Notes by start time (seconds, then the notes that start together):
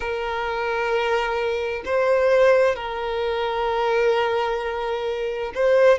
0.00 A#4
1.85 C5
2.75 A#4
5.54 C5